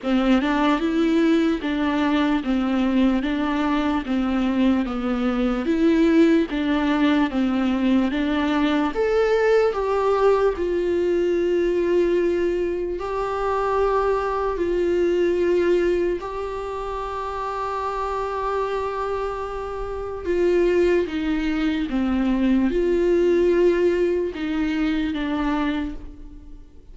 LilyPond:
\new Staff \with { instrumentName = "viola" } { \time 4/4 \tempo 4 = 74 c'8 d'8 e'4 d'4 c'4 | d'4 c'4 b4 e'4 | d'4 c'4 d'4 a'4 | g'4 f'2. |
g'2 f'2 | g'1~ | g'4 f'4 dis'4 c'4 | f'2 dis'4 d'4 | }